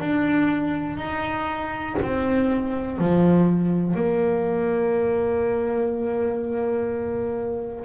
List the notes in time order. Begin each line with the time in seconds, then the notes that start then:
0.00 D4
0.97 D#4
2.02 C4
2.98 F3
3.95 A#3